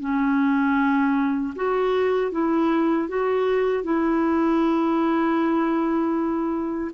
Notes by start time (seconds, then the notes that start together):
0.00 C#4
1.56 F#4
2.32 E4
3.08 F#4
3.84 E4